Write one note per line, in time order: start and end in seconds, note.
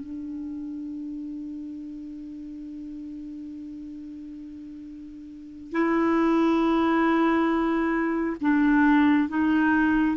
0.00 5.72 D4
5.72 8.37 E4
8.41 9.28 D4
9.28 10.17 D#4